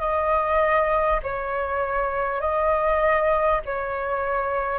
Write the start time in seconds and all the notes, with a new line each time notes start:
0.00 D#5
1.23 C#5
2.41 D#5
3.65 C#5